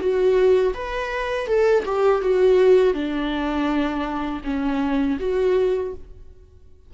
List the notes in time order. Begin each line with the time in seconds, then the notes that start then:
0.00 F#4
0.74 B4
1.47 A4
1.86 G4
2.22 F#4
2.94 D4
4.44 C#4
5.20 F#4